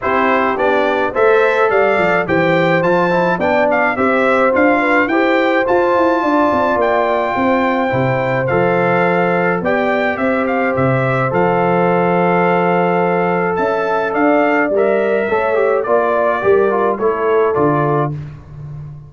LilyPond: <<
  \new Staff \with { instrumentName = "trumpet" } { \time 4/4 \tempo 4 = 106 c''4 d''4 e''4 f''4 | g''4 a''4 g''8 f''8 e''4 | f''4 g''4 a''2 | g''2. f''4~ |
f''4 g''4 e''8 f''8 e''4 | f''1 | a''4 f''4 e''2 | d''2 cis''4 d''4 | }
  \new Staff \with { instrumentName = "horn" } { \time 4/4 g'2 c''4 d''4 | c''2 d''4 c''4~ | c''8 b'8 c''2 d''4~ | d''4 c''2.~ |
c''4 d''4 c''2~ | c''1 | e''4 d''2 cis''4 | d''4 ais'4 a'2 | }
  \new Staff \with { instrumentName = "trombone" } { \time 4/4 e'4 d'4 a'2 | g'4 f'8 e'8 d'4 g'4 | f'4 g'4 f'2~ | f'2 e'4 a'4~ |
a'4 g'2. | a'1~ | a'2 ais'4 a'8 g'8 | f'4 g'8 f'8 e'4 f'4 | }
  \new Staff \with { instrumentName = "tuba" } { \time 4/4 c'4 b4 a4 g8 f8 | e4 f4 b4 c'4 | d'4 e'4 f'8 e'8 d'8 c'8 | ais4 c'4 c4 f4~ |
f4 b4 c'4 c4 | f1 | cis'4 d'4 g4 a4 | ais4 g4 a4 d4 | }
>>